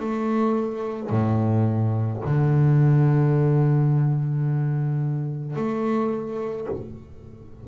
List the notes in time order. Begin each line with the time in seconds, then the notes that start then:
0.00 A3
1.10 A2
2.25 D3
5.56 A3